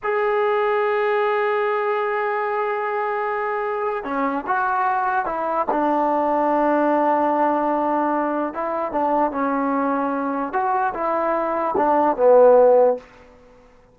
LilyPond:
\new Staff \with { instrumentName = "trombone" } { \time 4/4 \tempo 4 = 148 gis'1~ | gis'1~ | gis'2 cis'4 fis'4~ | fis'4 e'4 d'2~ |
d'1~ | d'4 e'4 d'4 cis'4~ | cis'2 fis'4 e'4~ | e'4 d'4 b2 | }